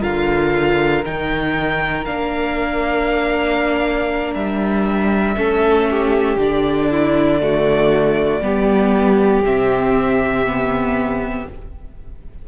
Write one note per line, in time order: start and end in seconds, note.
0.00 1.04 D3
0.00 1.03 F4
0.00 5.34 A#4
0.00 1.04 F5
1.05 2.06 D#3
1.05 2.05 D#4
1.05 2.05 G5
2.05 4.35 A#3
2.05 5.36 D4
2.05 4.34 F5
4.34 5.36 G3
4.34 6.38 E5
5.36 6.36 A3
5.36 6.37 C#4
5.36 5.89 A4
5.91 6.91 G4
6.36 8.40 D3
6.36 7.41 D4
6.36 9.45 D5
6.91 7.42 E4
7.41 8.42 A3
7.41 8.43 F#4
8.42 9.41 G3
8.42 9.44 B3
8.42 11.48 G4
9.41 11.45 C3
9.41 10.46 C4
9.41 11.48 E5
10.46 11.48 B3